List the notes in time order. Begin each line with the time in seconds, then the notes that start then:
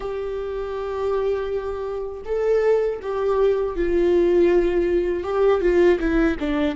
0.00 G4
2.25 A4
3.02 G4
3.75 F4
5.23 G4
5.61 F4
5.99 E4
6.40 D4